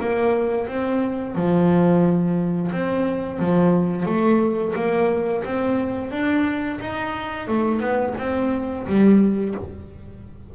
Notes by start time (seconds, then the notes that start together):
0.00 A#3
0.68 C4
1.35 F3
2.72 C4
3.40 F3
4.06 A3
4.76 A#3
5.45 C4
6.12 D4
6.81 D#4
7.48 A3
7.81 B3
8.18 C4
8.87 G3